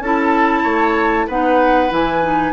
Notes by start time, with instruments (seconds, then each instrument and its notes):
0.00 bassoon C#4, clarinet E4, oboe A4, flute A5
0.64 bassoon A3, oboe C#5
1.27 bassoon B3, clarinet D#4, oboe B4, flute F#5
1.90 bassoon E3, clarinet E4, flute G#5
2.23 clarinet D#4